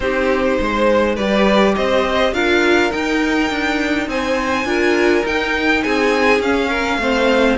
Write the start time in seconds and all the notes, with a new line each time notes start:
0.00 C4 D#4 G4 C5
0.60 G#3 C5
1.15 G3 G4 B4 D5
1.75 C4 C5 D#5
2.32 D4 F4 A#4 F5
2.91 D#4 G5
3.50 D4
4.07 C4 C5 G#5
4.65 D4 F4 A#4
5.25 D#4 G5
5.82 C4 G#4 G#5
6.39 C#4 F5
6.69 A#4
6.97 A3 C4 C5